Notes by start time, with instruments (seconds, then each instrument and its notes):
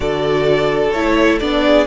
0.00 cello D3, viola F#4, violin A4 D5
0.91 cello A3, viola E4, violin C#5
1.39 cello B3, viola D4, violin D5
1.64 violin G#4